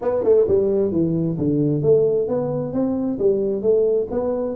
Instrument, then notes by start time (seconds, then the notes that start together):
tuba
0.01 B3
0.23 A3
0.48 G3
0.91 E3
1.38 D3
1.82 A3
2.27 B3
2.73 C4
3.18 G3
3.62 A3
4.11 B3